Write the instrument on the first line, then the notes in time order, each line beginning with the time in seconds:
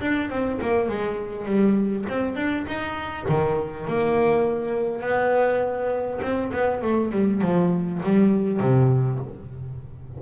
double bass
0.00 D4
0.29 C4
0.61 A#3
0.88 G#3
1.45 G3
2.09 C4
2.35 D4
2.67 D#4
3.28 D#3
3.87 A#3
5.00 B3
6.21 C4
6.52 B3
6.82 A3
7.12 G3
7.41 F3
8.03 G3
8.59 C3